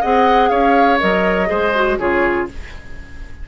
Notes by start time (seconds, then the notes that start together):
0.00 C4 G#4 D#5 F#5
0.49 C#4 C#5 F5
0.99 F#3 A#4 D#5
1.46 G#3 G#4 C5
1.75 F#4
1.98 C#3 F4 G#4 C#5